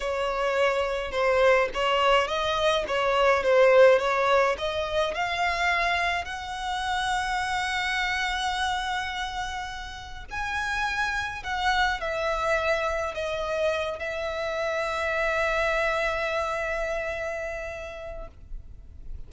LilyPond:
\new Staff \with { instrumentName = "violin" } { \time 4/4 \tempo 4 = 105 cis''2 c''4 cis''4 | dis''4 cis''4 c''4 cis''4 | dis''4 f''2 fis''4~ | fis''1~ |
fis''2 gis''2 | fis''4 e''2 dis''4~ | dis''8 e''2.~ e''8~ | e''1 | }